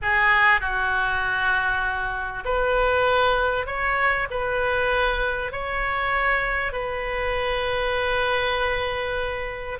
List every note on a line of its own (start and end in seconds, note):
0.01 0.60 G#4
0.60 2.44 F#4
2.44 3.66 B4
3.66 4.27 C#5
4.30 5.52 B4
5.52 6.72 C#5
6.72 9.78 B4